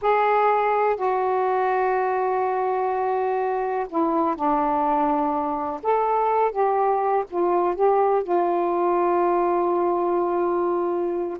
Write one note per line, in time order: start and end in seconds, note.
0.01 0.96 G#4
0.96 3.86 F#4
3.89 4.35 E4
4.35 5.80 D4
5.83 6.51 A4
6.51 7.24 G4
7.30 7.75 F4
7.75 8.23 G4
8.23 11.37 F4